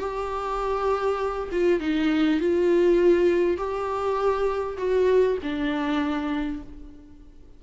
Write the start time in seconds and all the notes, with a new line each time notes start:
0.00 G4
1.52 F4
1.81 D#4
2.41 F4
3.58 G4
4.78 F#4
5.43 D4